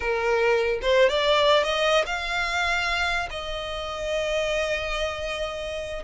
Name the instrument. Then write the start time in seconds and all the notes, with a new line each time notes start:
violin
0.00 A#4
0.82 C5
1.09 D5
1.63 D#5
2.06 F5
3.30 D#5